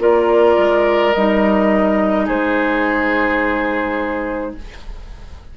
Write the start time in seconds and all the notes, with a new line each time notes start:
0.00 A#3 F4 A#4 D5
0.58 G#3
1.14 G3 D#4 D#5
2.26 G#3 G#4 C5